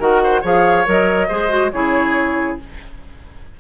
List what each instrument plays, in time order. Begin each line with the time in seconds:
0.00 bassoon D#3, clarinet F#4, oboe A#4, flute F#5
0.24 oboe C5
0.42 bassoon F3, clarinet G#4, oboe C#5, flute F5
0.86 bassoon F#3, clarinet A#4, flute D#5
1.29 bassoon G#3, clarinet G#4, oboe C5
1.49 clarinet F#4
1.72 bassoon C#3, clarinet E4, oboe G#4, flute C#5